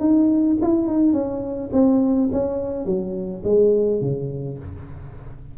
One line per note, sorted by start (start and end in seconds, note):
0.00 0.57 D#4
0.62 0.88 E4
0.88 1.13 D#4
1.13 1.70 C#4
1.73 2.30 C4
2.32 2.85 C#4
2.85 3.43 F#3
3.44 4.01 G#3
4.01 4.58 C#3